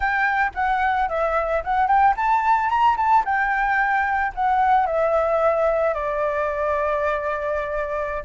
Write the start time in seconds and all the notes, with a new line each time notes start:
0.00 G5
0.54 F#5
1.09 E5
1.63 F#5
1.87 G5
2.16 A5
2.69 A#5
2.96 A5
3.24 G5
4.34 F#5
4.86 E5
5.93 D5